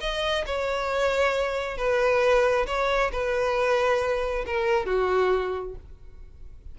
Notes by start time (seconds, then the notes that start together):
0.00 D#5
0.46 C#5
1.77 B4
2.66 C#5
3.12 B4
4.46 A#4
4.86 F#4